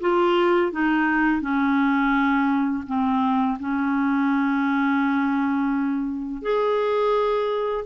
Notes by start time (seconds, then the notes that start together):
0.00 F4
0.71 D#4
1.41 C#4
2.86 C4
3.59 C#4
6.42 G#4